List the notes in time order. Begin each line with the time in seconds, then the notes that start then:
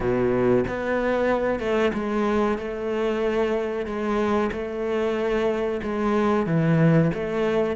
0.00 B2
0.67 B3
1.59 A3
1.93 G#3
2.57 A3
3.85 G#3
4.52 A3
5.82 G#3
6.46 E3
7.13 A3